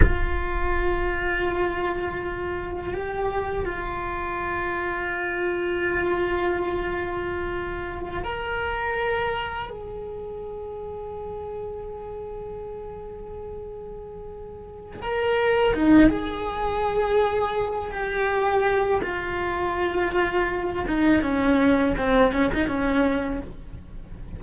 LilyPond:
\new Staff \with { instrumentName = "cello" } { \time 4/4 \tempo 4 = 82 f'1 | g'4 f'2.~ | f'2.~ f'16 ais'8.~ | ais'4~ ais'16 gis'2~ gis'8.~ |
gis'1~ | gis'8 ais'4 dis'8 gis'2~ | gis'8 g'4. f'2~ | f'8 dis'8 cis'4 c'8 cis'16 dis'16 cis'4 | }